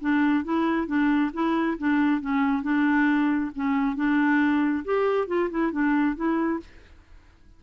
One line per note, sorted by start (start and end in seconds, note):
0.00 0.44 D4
0.44 0.86 E4
0.86 1.31 D4
1.33 1.77 E4
1.78 2.21 D4
2.21 2.62 C#4
2.62 3.51 D4
3.55 3.95 C#4
3.95 4.84 D4
4.84 5.27 G4
5.27 5.49 F4
5.50 5.72 E4
5.72 6.15 D4
6.15 6.60 E4